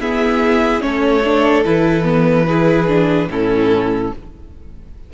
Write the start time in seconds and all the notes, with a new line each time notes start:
0.00 B3 E4 G#4 E5
0.80 A3 C#4 A4 C#5
1.24 D4
1.65 E3 E4 B4
2.04 B3
2.47 E4 G#4
2.88 D4
3.28 A2 C#4 E4 A4